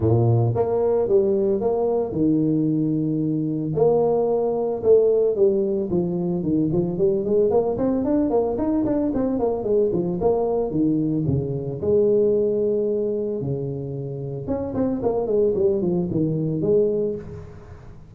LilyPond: \new Staff \with { instrumentName = "tuba" } { \time 4/4 \tempo 4 = 112 ais,4 ais4 g4 ais4 | dis2. ais4~ | ais4 a4 g4 f4 | dis8 f8 g8 gis8 ais8 c'8 d'8 ais8 |
dis'8 d'8 c'8 ais8 gis8 f8 ais4 | dis4 cis4 gis2~ | gis4 cis2 cis'8 c'8 | ais8 gis8 g8 f8 dis4 gis4 | }